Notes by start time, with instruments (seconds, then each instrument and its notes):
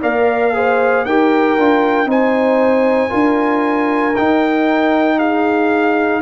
0.00 tuba A#3, trombone A#4, horn D5, trumpet F5
0.53 trombone G#4, horn C5
1.05 tuba D#4, trombone G4, horn A#4, trumpet G5
1.58 tuba D4, trombone F4
2.05 tuba C4, trombone D#4, horn C5, trumpet G#5
3.09 tuba D4, trombone F4, horn A#4
4.16 tuba D#4, trombone D#4, trumpet G5
5.18 horn G#4, trumpet F5